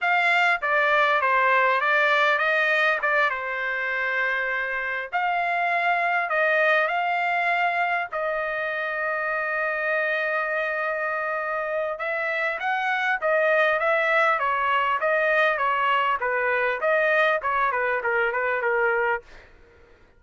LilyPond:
\new Staff \with { instrumentName = "trumpet" } { \time 4/4 \tempo 4 = 100 f''4 d''4 c''4 d''4 | dis''4 d''8 c''2~ c''8~ | c''8 f''2 dis''4 f''8~ | f''4. dis''2~ dis''8~ |
dis''1 | e''4 fis''4 dis''4 e''4 | cis''4 dis''4 cis''4 b'4 | dis''4 cis''8 b'8 ais'8 b'8 ais'4 | }